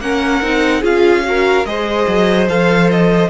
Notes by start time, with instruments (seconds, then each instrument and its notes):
0.00 cello A#3, viola C#4, violin A#4 F#5
0.42 cello C4, viola D#4
0.80 cello C#4, viola F4, violin G#4 F5
1.23 viola F#4, violin A#4
1.65 cello G#3, viola G#4, violin C5 D#5
2.07 cello F#3
2.48 cello F3, viola A4, violin F5
2.90 violin D#5